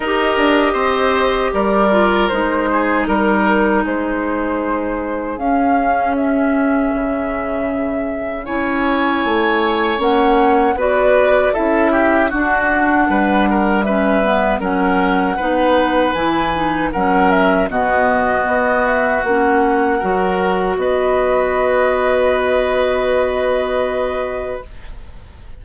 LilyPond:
<<
  \new Staff \with { instrumentName = "flute" } { \time 4/4 \tempo 4 = 78 dis''2 d''4 c''4 | ais'4 c''2 f''4 | e''2. gis''4~ | gis''4 fis''4 d''4 e''4 |
fis''2 e''4 fis''4~ | fis''4 gis''4 fis''8 e''8 dis''4~ | dis''8 e''8 fis''2 dis''4~ | dis''1 | }
  \new Staff \with { instrumentName = "oboe" } { \time 4/4 ais'4 c''4 ais'4. gis'8 | ais'4 gis'2.~ | gis'2. cis''4~ | cis''2 b'4 a'8 g'8 |
fis'4 b'8 ais'8 b'4 ais'4 | b'2 ais'4 fis'4~ | fis'2 ais'4 b'4~ | b'1 | }
  \new Staff \with { instrumentName = "clarinet" } { \time 4/4 g'2~ g'8 f'8 dis'4~ | dis'2. cis'4~ | cis'2. e'4~ | e'4 cis'4 fis'4 e'4 |
d'2 cis'8 b8 cis'4 | dis'4 e'8 dis'8 cis'4 b4~ | b4 cis'4 fis'2~ | fis'1 | }
  \new Staff \with { instrumentName = "bassoon" } { \time 4/4 dis'8 d'8 c'4 g4 gis4 | g4 gis2 cis'4~ | cis'4 cis2 cis'4 | a4 ais4 b4 cis'4 |
d'4 g2 fis4 | b4 e4 fis4 b,4 | b4 ais4 fis4 b4~ | b1 | }
>>